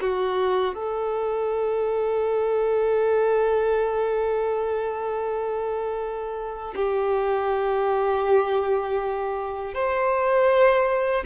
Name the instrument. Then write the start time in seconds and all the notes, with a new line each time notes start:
violin
0.00 F#4
0.74 A4
6.75 G4
9.74 C5